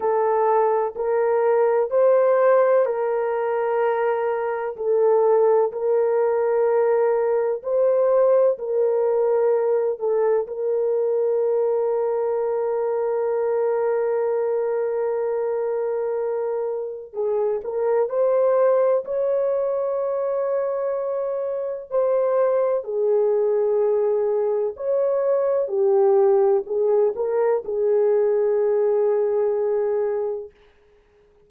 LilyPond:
\new Staff \with { instrumentName = "horn" } { \time 4/4 \tempo 4 = 63 a'4 ais'4 c''4 ais'4~ | ais'4 a'4 ais'2 | c''4 ais'4. a'8 ais'4~ | ais'1~ |
ais'2 gis'8 ais'8 c''4 | cis''2. c''4 | gis'2 cis''4 g'4 | gis'8 ais'8 gis'2. | }